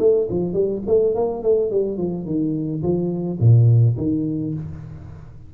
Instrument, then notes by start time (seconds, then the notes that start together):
tuba
0.00 A3
0.30 F3
0.54 G3
0.87 A3
1.15 A#3
1.43 A3
1.71 G3
1.98 F3
2.26 D#3
2.83 F3
3.40 A#2
3.98 D#3